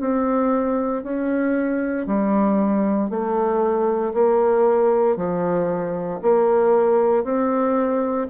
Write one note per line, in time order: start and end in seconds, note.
0.00 1.03 C4
1.03 2.06 C#4
2.06 3.10 G3
3.10 4.13 A3
4.14 5.16 A#3
5.16 6.20 F3
6.22 7.24 A#3
7.24 8.28 C4